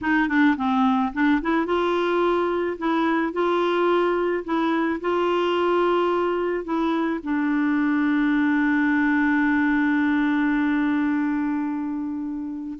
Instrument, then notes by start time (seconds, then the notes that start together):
clarinet
0.01 D#4
0.28 D4
0.57 C4
1.13 D4
1.41 E4
1.66 F4
2.78 E4
3.33 F4
4.44 E4
5.01 F4
6.64 E4
7.23 D4